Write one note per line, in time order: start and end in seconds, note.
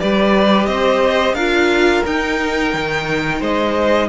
0.00 0.68 G3
0.00 1.38 G4
0.00 0.69 B4
0.00 0.67 D5
0.67 1.34 C4
0.67 1.35 C5
0.67 1.35 D#5
1.34 2.02 D4
1.34 2.06 F4
1.34 3.40 A#4
1.34 2.03 F5
2.06 2.74 D#4
2.06 4.09 D#4
2.06 3.43 G5
2.74 3.41 D#3
3.41 4.09 G#3
3.41 4.09 C5
3.41 4.09 D#5